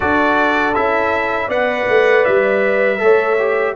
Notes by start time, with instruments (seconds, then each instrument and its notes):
0.00 tuba D4, trombone F#4, horn A4, trumpet D5
0.74 tuba C#4, trombone E4, trumpet E5
1.47 tuba B3, trombone B4, horn D5, trumpet F#5
1.88 tuba A3
2.24 tuba G3, trumpet E5
2.98 tuba A3, trombone A4, horn C#5
3.38 trombone G4